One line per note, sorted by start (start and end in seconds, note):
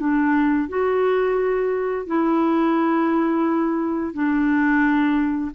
0.00 0.69 D4
0.69 2.07 F#4
2.07 4.13 E4
4.13 5.51 D4